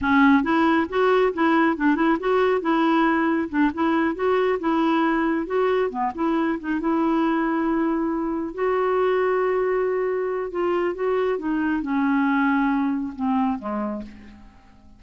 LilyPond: \new Staff \with { instrumentName = "clarinet" } { \time 4/4 \tempo 4 = 137 cis'4 e'4 fis'4 e'4 | d'8 e'8 fis'4 e'2 | d'8 e'4 fis'4 e'4.~ | e'8 fis'4 b8 e'4 dis'8 e'8~ |
e'2.~ e'8 fis'8~ | fis'1 | f'4 fis'4 dis'4 cis'4~ | cis'2 c'4 gis4 | }